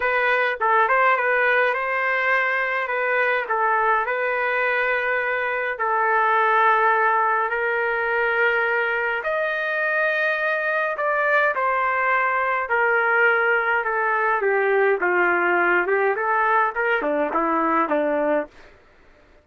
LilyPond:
\new Staff \with { instrumentName = "trumpet" } { \time 4/4 \tempo 4 = 104 b'4 a'8 c''8 b'4 c''4~ | c''4 b'4 a'4 b'4~ | b'2 a'2~ | a'4 ais'2. |
dis''2. d''4 | c''2 ais'2 | a'4 g'4 f'4. g'8 | a'4 ais'8 d'8 e'4 d'4 | }